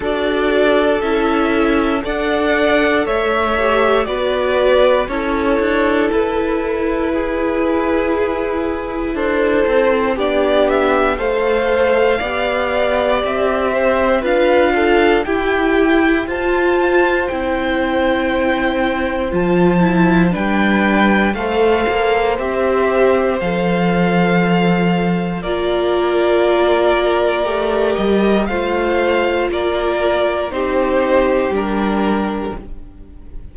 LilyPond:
<<
  \new Staff \with { instrumentName = "violin" } { \time 4/4 \tempo 4 = 59 d''4 e''4 fis''4 e''4 | d''4 cis''4 b'2~ | b'4 c''4 d''8 e''8 f''4~ | f''4 e''4 f''4 g''4 |
a''4 g''2 a''4 | g''4 f''4 e''4 f''4~ | f''4 d''2~ d''8 dis''8 | f''4 d''4 c''4 ais'4 | }
  \new Staff \with { instrumentName = "violin" } { \time 4/4 a'2 d''4 cis''4 | b'4 a'2 gis'4~ | gis'4 a'4 g'4 c''4 | d''4. c''8 b'8 a'8 g'4 |
c''1 | b'4 c''2.~ | c''4 ais'2. | c''4 ais'4 g'2 | }
  \new Staff \with { instrumentName = "viola" } { \time 4/4 fis'4 e'4 a'4. g'8 | fis'4 e'2.~ | e'2 d'4 a'4 | g'2 f'4 e'4 |
f'4 e'2 f'8 e'8 | d'4 a'4 g'4 a'4~ | a'4 f'2 g'4 | f'2 dis'4 d'4 | }
  \new Staff \with { instrumentName = "cello" } { \time 4/4 d'4 cis'4 d'4 a4 | b4 cis'8 d'8 e'2~ | e'4 d'8 c'8 b4 a4 | b4 c'4 d'4 e'4 |
f'4 c'2 f4 | g4 a8 ais8 c'4 f4~ | f4 ais2 a8 g8 | a4 ais4 c'4 g4 | }
>>